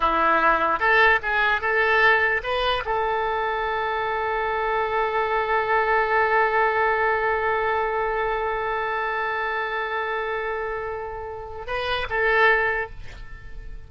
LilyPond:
\new Staff \with { instrumentName = "oboe" } { \time 4/4 \tempo 4 = 149 e'2 a'4 gis'4 | a'2 b'4 a'4~ | a'1~ | a'1~ |
a'1~ | a'1~ | a'1~ | a'4 b'4 a'2 | }